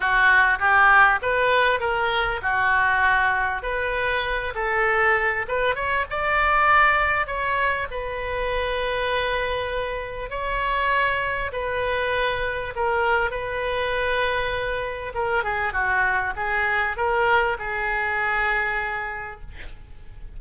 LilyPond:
\new Staff \with { instrumentName = "oboe" } { \time 4/4 \tempo 4 = 99 fis'4 g'4 b'4 ais'4 | fis'2 b'4. a'8~ | a'4 b'8 cis''8 d''2 | cis''4 b'2.~ |
b'4 cis''2 b'4~ | b'4 ais'4 b'2~ | b'4 ais'8 gis'8 fis'4 gis'4 | ais'4 gis'2. | }